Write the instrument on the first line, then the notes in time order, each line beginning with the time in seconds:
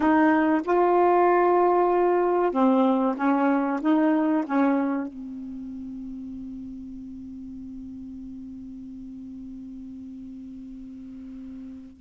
saxophone
0.00 D#4
0.64 F4
2.51 C4
3.17 C#4
3.81 D#4
4.46 C#4
5.06 C4